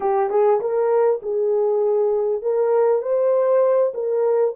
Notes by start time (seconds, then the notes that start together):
0.00 G4
0.29 G#4
0.60 A#4
1.22 G#4
2.42 A#4
3.01 C5
3.94 A#4